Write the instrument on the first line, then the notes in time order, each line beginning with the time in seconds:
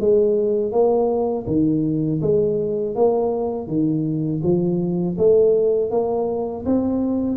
tuba
0.00 G#3
0.72 A#3
1.46 D#3
2.22 G#3
2.96 A#3
3.68 D#3
4.43 F3
5.18 A3
5.91 A#3
6.66 C4